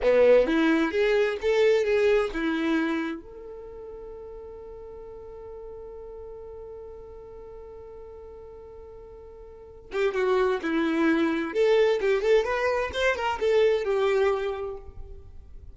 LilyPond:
\new Staff \with { instrumentName = "violin" } { \time 4/4 \tempo 4 = 130 b4 e'4 gis'4 a'4 | gis'4 e'2 a'4~ | a'1~ | a'1~ |
a'1~ | a'4. g'8 fis'4 e'4~ | e'4 a'4 g'8 a'8 b'4 | c''8 ais'8 a'4 g'2 | }